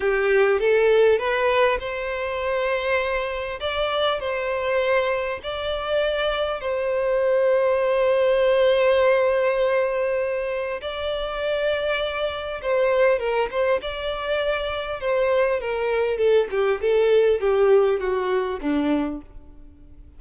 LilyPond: \new Staff \with { instrumentName = "violin" } { \time 4/4 \tempo 4 = 100 g'4 a'4 b'4 c''4~ | c''2 d''4 c''4~ | c''4 d''2 c''4~ | c''1~ |
c''2 d''2~ | d''4 c''4 ais'8 c''8 d''4~ | d''4 c''4 ais'4 a'8 g'8 | a'4 g'4 fis'4 d'4 | }